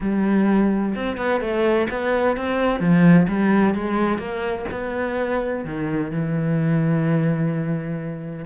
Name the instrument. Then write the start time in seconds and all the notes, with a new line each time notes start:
cello
0.00 G3
0.95 C4
1.17 B3
1.40 A3
1.90 B3
2.37 C4
2.80 F3
3.27 G3
3.74 G#3
4.18 A#3
4.71 B3
5.65 D#3
6.11 E3